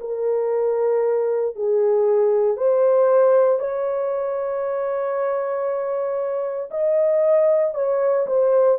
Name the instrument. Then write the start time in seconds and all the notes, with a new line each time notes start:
horn
0.00 A#4
1.55 G#4
2.56 C5
3.59 C#5
6.71 D#5
7.74 C#5
8.27 C5